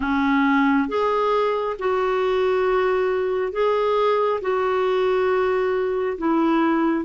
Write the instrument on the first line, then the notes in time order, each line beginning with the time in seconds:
clarinet
0.00 C#4
0.88 G#4
1.78 F#4
3.52 G#4
4.41 F#4
6.18 E4